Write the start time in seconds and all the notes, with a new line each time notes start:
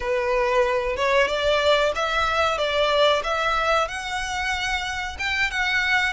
0.00 B4
0.96 C#5
1.27 D5
1.95 E5
2.58 D5
3.23 E5
3.88 F#5
5.18 G5
5.50 F#5